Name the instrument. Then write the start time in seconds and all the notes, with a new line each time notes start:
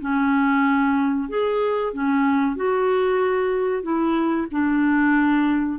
clarinet
0.00 C#4
1.29 G#4
1.93 C#4
2.56 F#4
3.83 E4
4.51 D4